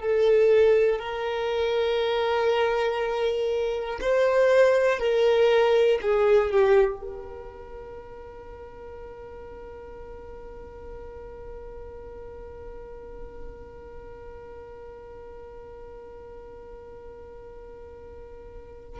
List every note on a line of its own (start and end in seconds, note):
0.00 0.99 A4
0.99 3.99 A#4
4.00 4.99 C5
4.99 5.99 A#4
6.01 6.51 G#4
6.51 7.00 G4
7.00 19.00 A#4